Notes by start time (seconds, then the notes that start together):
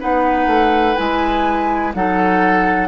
0.00 B3 D#4 B4 F#5
0.47 A3
0.97 G#3 E4 G#5
1.95 F#3 D#4 A4 F#5